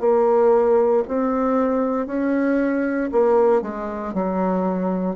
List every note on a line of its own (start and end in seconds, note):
0.00 1.03 A#3
1.08 2.07 C4
2.07 3.10 C#4
3.12 3.62 A#3
3.62 4.14 G#3
4.14 5.16 F#3